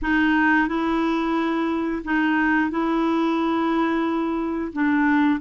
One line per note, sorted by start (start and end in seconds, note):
0.02 0.68 D#4
0.68 2.03 E4
2.04 2.70 D#4
2.70 4.72 E4
4.72 5.40 D4